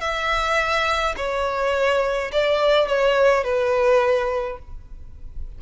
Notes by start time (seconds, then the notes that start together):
0.00 E5
1.17 C#5
2.32 D5
2.87 C#5
3.44 B4